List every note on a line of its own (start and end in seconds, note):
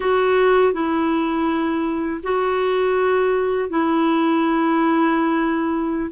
0.00 0.73 F#4
0.73 2.21 E4
2.23 3.69 F#4
3.69 6.10 E4